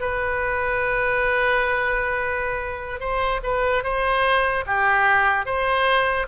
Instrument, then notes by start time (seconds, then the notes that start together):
oboe
0.00 B4
3.00 C5
3.43 B4
3.83 C5
4.66 G4
5.45 C5